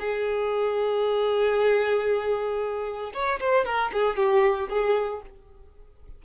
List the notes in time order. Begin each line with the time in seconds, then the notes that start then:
0.00 G#4
3.14 C#5
3.41 C5
3.66 A#4
3.93 G#4
4.17 G4
4.70 G#4